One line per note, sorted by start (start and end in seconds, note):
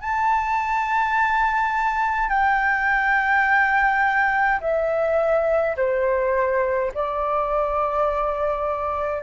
0.00 2.29 A5
2.29 4.59 G5
4.60 5.76 E5
5.76 6.92 C5
6.94 9.23 D5